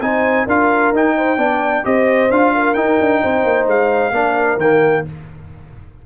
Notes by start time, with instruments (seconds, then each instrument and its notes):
0.00 tuba C4, trombone D#4, horn C5, trumpet G#5
0.46 tuba D4, trombone F4, horn A#4, trumpet F5
0.92 tuba D#4, trombone D#4, trumpet G5
1.16 horn C5
1.37 tuba B3, trombone D4, horn D5
1.83 tuba C4, trombone G4, horn C5, trumpet D#5
2.30 tuba D4, trombone F4, trumpet F5
2.54 horn A#4
2.74 tuba D#4, trombone D#4, trumpet G5
3.00 tuba D4
3.22 tuba C4, horn C5
3.44 tuba A#3
3.66 tuba G#3, trumpet F5
4.11 tuba A#3, trombone D4, horn A#4
4.57 tuba D#3, trombone A#3, trumpet G5